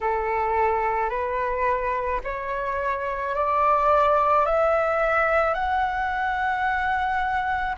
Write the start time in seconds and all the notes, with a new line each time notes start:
0.00 A4
1.09 B4
2.24 C#5
3.35 D5
4.45 E5
5.54 F#5